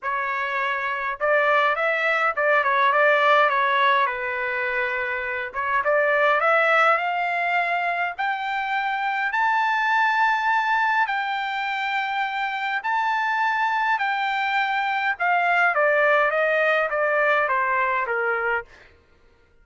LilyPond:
\new Staff \with { instrumentName = "trumpet" } { \time 4/4 \tempo 4 = 103 cis''2 d''4 e''4 | d''8 cis''8 d''4 cis''4 b'4~ | b'4. cis''8 d''4 e''4 | f''2 g''2 |
a''2. g''4~ | g''2 a''2 | g''2 f''4 d''4 | dis''4 d''4 c''4 ais'4 | }